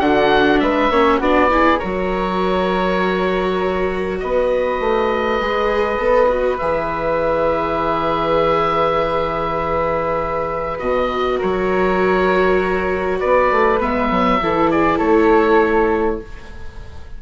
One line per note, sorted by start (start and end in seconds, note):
0.00 0.60 D3
0.00 0.92 D4
0.00 0.61 F#4
0.00 0.60 F#5
0.60 0.90 G#3
0.60 0.92 B4
0.60 1.20 E5
0.90 1.20 A#3
0.90 1.23 C#4
0.90 1.18 C#5
1.18 1.80 B3
1.18 1.50 D4
1.18 1.48 F#4
1.18 1.79 D5
1.50 1.80 E4
1.50 1.79 G#4
1.79 4.23 F#3
1.79 5.42 F#4
1.79 4.19 A#4
1.79 4.19 C#5
4.20 4.80 B3
4.20 11.38 B4
4.20 6.58 D#5
4.80 5.41 A3
5.41 5.98 G#3
5.41 6.00 G#4
5.98 6.58 B3
5.98 6.29 A4
6.29 6.59 F#4
6.58 10.80 E3
6.58 10.79 G#4
6.58 10.78 E5
10.79 11.40 B2
10.79 13.79 F#4
10.79 11.39 D#5
11.38 13.23 F#3
11.38 13.19 A#4
11.38 13.20 C#5
13.19 13.52 B3
13.19 14.39 B4
13.19 13.80 D5
13.52 13.81 A3
13.81 14.11 G#3
13.81 14.41 B3
13.81 14.71 E5
14.11 14.41 F#3
14.42 15.01 E3
14.42 16.22 E4
14.42 14.72 A4
14.71 14.98 G#4
14.71 14.99 D5
14.98 16.21 A3
14.98 16.18 A4
14.98 16.19 C#5